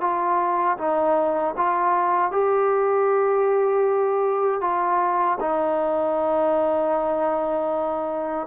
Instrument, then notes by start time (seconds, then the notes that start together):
trombone
0.00 F4
0.78 D#4
1.57 F4
2.31 G4
4.61 F4
5.40 D#4